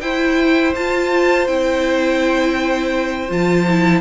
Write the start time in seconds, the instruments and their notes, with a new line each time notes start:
0.00 cello E4, viola E4, violin C5 G5
0.75 cello F4, viola F4, violin A5
1.47 cello C4, viola E4, violin G5
3.28 cello F3, viola F4, violin A5
3.68 viola E4